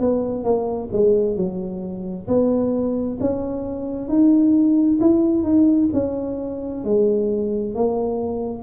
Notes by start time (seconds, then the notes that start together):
0.00 B3
0.44 A#3
0.92 G#3
1.36 F#3
2.28 B3
3.20 C#4
4.08 D#4
5.01 E4
5.43 D#4
5.93 C#4
6.85 G#3
7.75 A#3